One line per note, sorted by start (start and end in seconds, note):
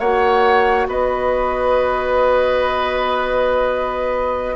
0.00 0.87 A#3
0.00 4.56 F#4
0.00 0.87 C#5
0.00 0.87 F#5
0.88 4.56 B3
0.88 4.56 B4
0.88 4.56 D#5